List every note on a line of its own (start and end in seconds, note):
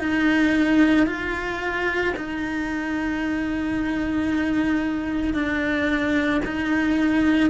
0.00 1.07 D#4
1.07 2.14 F4
2.17 5.34 D#4
5.34 6.41 D4
6.45 7.50 D#4